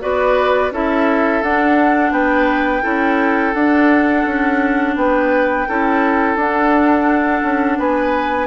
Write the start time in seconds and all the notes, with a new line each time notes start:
0.00 B3 F#4 B4 D5
0.71 C#4 E4 A4 E5
1.42 D4 F#5
2.11 B3 B4 G5
2.82 C#4 E4 A4
3.53 D4 F#5
4.25 C#4
4.96 B3 B4 G5
5.68 C#4 E4 A4
6.36 D4 F#5
7.42 C#4
7.78 B3 B4 G#5